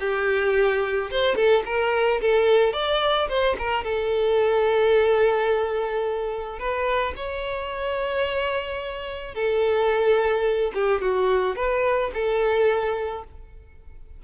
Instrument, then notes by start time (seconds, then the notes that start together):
violin
0.00 G4
1.10 C5
1.35 A4
1.65 A#4
2.21 A4
2.73 D5
3.29 C5
3.59 A#4
3.84 A4
6.59 B4
7.16 C#5
9.35 A4
10.74 G4
11.01 F#4
11.56 B4
12.14 A4